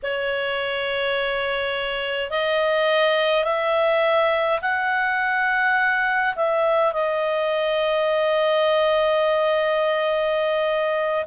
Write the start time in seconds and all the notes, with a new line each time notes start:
0.03 C#5
2.30 D#5
3.44 E5
4.62 F#5
6.35 E5
6.92 D#5